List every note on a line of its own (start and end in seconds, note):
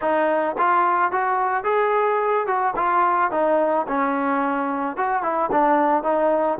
0.01 0.56 D#4
0.58 1.11 F4
1.11 1.64 F#4
1.64 2.46 G#4
2.46 2.74 F#4
2.75 3.31 F4
3.31 3.86 D#4
3.87 4.96 C#4
4.96 5.22 F#4
5.22 5.50 E4
5.51 6.03 D4
6.03 6.58 D#4